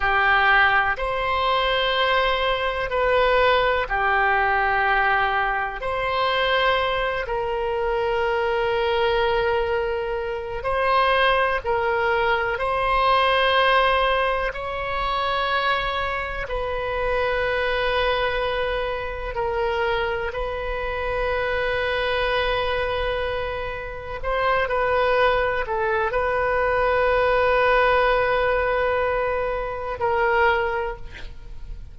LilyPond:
\new Staff \with { instrumentName = "oboe" } { \time 4/4 \tempo 4 = 62 g'4 c''2 b'4 | g'2 c''4. ais'8~ | ais'2. c''4 | ais'4 c''2 cis''4~ |
cis''4 b'2. | ais'4 b'2.~ | b'4 c''8 b'4 a'8 b'4~ | b'2. ais'4 | }